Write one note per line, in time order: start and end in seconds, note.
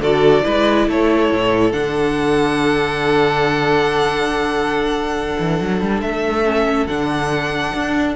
0.00 0.43 D3
0.00 0.43 F#4
0.00 0.44 A4
0.00 0.89 D5
0.43 0.88 G#3
0.43 1.72 E4
0.43 0.88 B4
0.88 1.31 A3
0.88 8.16 A4
0.88 1.73 C#5
1.33 1.72 A2
1.72 5.36 D3
1.72 6.45 D4
1.72 6.01 F#5
5.40 5.61 E3
5.61 5.82 F#3
5.82 6.02 G3
6.02 6.87 A3
6.02 6.87 E5
6.45 6.88 C#4
6.87 7.73 D3
6.87 8.16 D4
6.87 8.16 F#5
7.74 8.16 D4